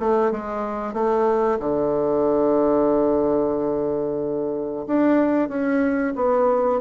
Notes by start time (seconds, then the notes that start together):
0.00 A3
0.32 G#3
0.94 A3
1.60 D3
4.88 D4
5.49 C#4
6.16 B3